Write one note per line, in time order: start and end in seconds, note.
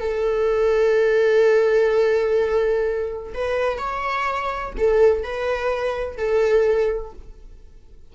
0.00 3.33 A4
3.34 3.78 B4
3.78 4.73 C#5
4.77 5.23 A4
5.23 6.18 B4
6.18 7.13 A4